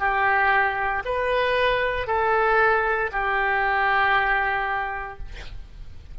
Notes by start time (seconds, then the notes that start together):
0.00 G4
1.05 B4
2.08 A4
3.12 G4